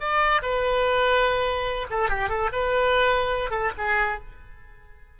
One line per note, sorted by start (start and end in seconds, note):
0.00 0.41 D5
0.42 1.87 B4
1.90 2.09 A4
2.09 2.29 G4
2.29 2.50 A4
2.52 3.51 B4
3.51 3.71 A4
3.78 4.19 G#4